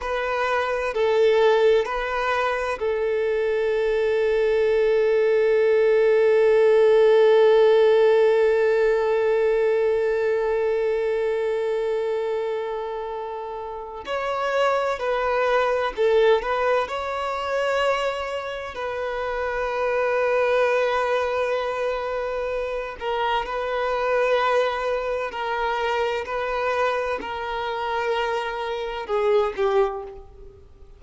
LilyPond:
\new Staff \with { instrumentName = "violin" } { \time 4/4 \tempo 4 = 64 b'4 a'4 b'4 a'4~ | a'1~ | a'1~ | a'2. cis''4 |
b'4 a'8 b'8 cis''2 | b'1~ | b'8 ais'8 b'2 ais'4 | b'4 ais'2 gis'8 g'8 | }